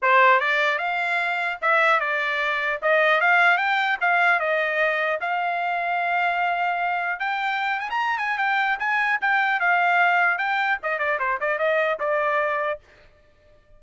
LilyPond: \new Staff \with { instrumentName = "trumpet" } { \time 4/4 \tempo 4 = 150 c''4 d''4 f''2 | e''4 d''2 dis''4 | f''4 g''4 f''4 dis''4~ | dis''4 f''2.~ |
f''2 g''4. gis''16 ais''16~ | ais''8 gis''8 g''4 gis''4 g''4 | f''2 g''4 dis''8 d''8 | c''8 d''8 dis''4 d''2 | }